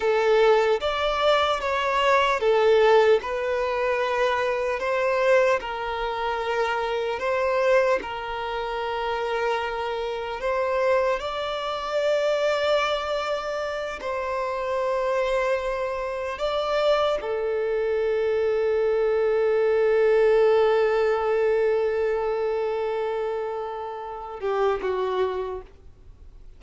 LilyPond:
\new Staff \with { instrumentName = "violin" } { \time 4/4 \tempo 4 = 75 a'4 d''4 cis''4 a'4 | b'2 c''4 ais'4~ | ais'4 c''4 ais'2~ | ais'4 c''4 d''2~ |
d''4. c''2~ c''8~ | c''8 d''4 a'2~ a'8~ | a'1~ | a'2~ a'8 g'8 fis'4 | }